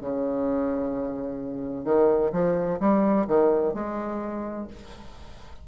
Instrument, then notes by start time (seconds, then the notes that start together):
bassoon
0.00 C#3
1.84 D#3
2.32 F3
2.80 G3
3.27 D#3
3.73 G#3